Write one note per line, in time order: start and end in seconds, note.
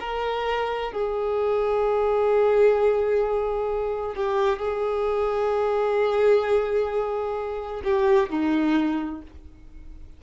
0.00 0.92 A#4
0.92 4.15 G#4
4.15 4.59 G4
4.59 7.82 G#4
7.84 8.30 G4
8.30 9.22 D#4